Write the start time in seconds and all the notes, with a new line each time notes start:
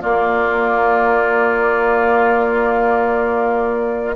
0.00 A#3 F4 D5